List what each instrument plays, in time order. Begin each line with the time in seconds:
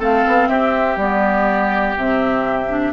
0.00 bassoon A3, clarinet C4, oboe A4, flute F5
0.28 bassoon B3
0.49 bassoon C4, oboe G4, flute E5
0.97 bassoon G3, clarinet B3, flute D5
1.98 bassoon C3, clarinet C4, flute E5
2.70 clarinet D4